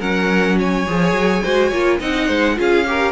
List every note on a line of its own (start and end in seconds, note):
0.00 0.87 F#3
0.00 0.87 C#4
0.00 0.57 A#4
0.00 0.59 F#5
0.59 1.44 C#5
0.59 2.02 G#5
0.87 1.13 F3
0.87 1.44 G#4
1.13 1.41 F#3
1.44 1.72 G#3
1.44 1.72 F#4
1.44 1.69 C5
1.69 2.00 A#3
1.69 2.00 F4
1.69 1.97 C#5
2.00 2.29 C4
2.00 2.56 D#4
2.00 2.27 D#5
2.00 2.59 F#5
2.27 2.58 G#3
2.27 2.55 C5
2.56 3.12 C#4
2.56 2.85 F4
2.56 2.88 G#4
2.56 3.12 F5
2.87 3.12 G4
2.87 3.12 A#4